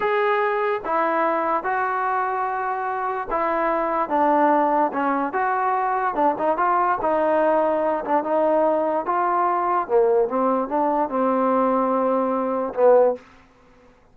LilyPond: \new Staff \with { instrumentName = "trombone" } { \time 4/4 \tempo 4 = 146 gis'2 e'2 | fis'1 | e'2 d'2 | cis'4 fis'2 d'8 dis'8 |
f'4 dis'2~ dis'8 d'8 | dis'2 f'2 | ais4 c'4 d'4 c'4~ | c'2. b4 | }